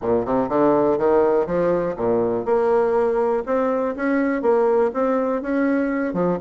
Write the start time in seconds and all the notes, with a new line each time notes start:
0.01 A#2
0.25 C3
0.49 D3
0.97 D#3
1.46 F3
1.96 A#2
2.45 A#3
3.46 C4
3.96 C#4
4.42 A#3
4.93 C4
5.42 C#4
6.13 F3